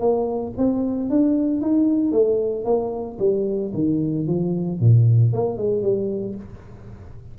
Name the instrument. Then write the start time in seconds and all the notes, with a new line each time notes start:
tuba
0.00 A#3
0.58 C4
1.10 D4
1.62 D#4
2.12 A3
2.65 A#3
3.19 G3
3.74 D#3
4.27 F3
4.80 A#2
5.33 A#3
5.58 G#3
5.83 G3